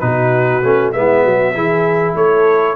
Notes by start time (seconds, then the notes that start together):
0.00 B2 D#4 F#4 B4
0.63 A3 C#4
0.93 G#3 B3 E4 E5
1.24 F#3 F#4
1.54 E3 E4 G#4
2.15 A3 A4 C#5